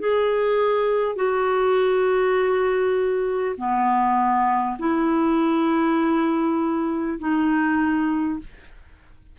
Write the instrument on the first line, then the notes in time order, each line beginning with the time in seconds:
clarinet
0.00 G#4
1.16 F#4
3.58 B3
4.79 E4
7.19 D#4